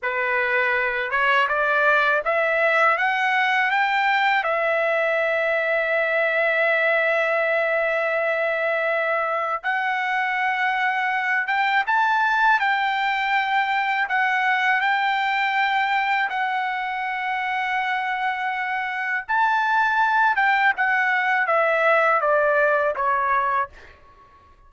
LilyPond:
\new Staff \with { instrumentName = "trumpet" } { \time 4/4 \tempo 4 = 81 b'4. cis''8 d''4 e''4 | fis''4 g''4 e''2~ | e''1~ | e''4 fis''2~ fis''8 g''8 |
a''4 g''2 fis''4 | g''2 fis''2~ | fis''2 a''4. g''8 | fis''4 e''4 d''4 cis''4 | }